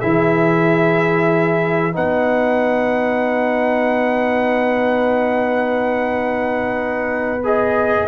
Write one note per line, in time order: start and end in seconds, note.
0.00 1.97 E3
0.00 1.92 E4
0.00 1.94 G#4
0.00 1.94 E5
1.92 8.08 B3
1.92 7.41 D#4
1.92 8.08 B4
1.92 7.45 F#5
7.44 8.08 G#4
7.44 8.08 D#5